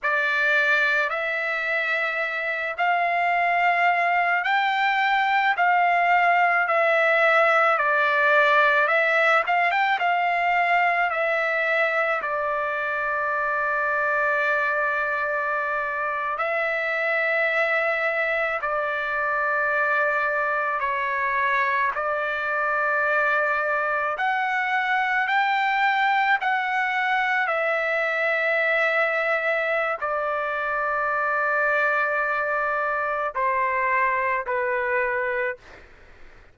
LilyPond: \new Staff \with { instrumentName = "trumpet" } { \time 4/4 \tempo 4 = 54 d''4 e''4. f''4. | g''4 f''4 e''4 d''4 | e''8 f''16 g''16 f''4 e''4 d''4~ | d''2~ d''8. e''4~ e''16~ |
e''8. d''2 cis''4 d''16~ | d''4.~ d''16 fis''4 g''4 fis''16~ | fis''8. e''2~ e''16 d''4~ | d''2 c''4 b'4 | }